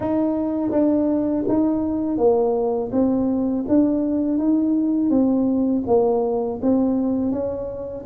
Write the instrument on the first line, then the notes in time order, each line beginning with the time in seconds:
tuba
0.00 D#4
0.71 D4
1.48 D#4
2.17 A#3
2.92 C4
3.68 D4
4.37 D#4
5.10 C4
5.86 A#3
6.62 C4
7.31 C#4